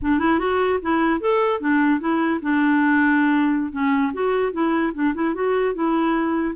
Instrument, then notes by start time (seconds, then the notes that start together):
clarinet
0.02 D4
0.19 E4
0.39 F#4
0.82 E4
1.20 A4
1.60 D4
2.00 E4
2.42 D4
3.72 C#4
4.13 F#4
4.52 E4
4.93 D4
5.14 E4
5.34 F#4
5.74 E4